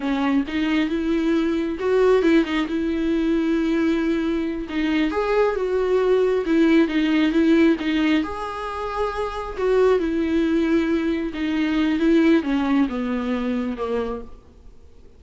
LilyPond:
\new Staff \with { instrumentName = "viola" } { \time 4/4 \tempo 4 = 135 cis'4 dis'4 e'2 | fis'4 e'8 dis'8 e'2~ | e'2~ e'8 dis'4 gis'8~ | gis'8 fis'2 e'4 dis'8~ |
dis'8 e'4 dis'4 gis'4.~ | gis'4. fis'4 e'4.~ | e'4. dis'4. e'4 | cis'4 b2 ais4 | }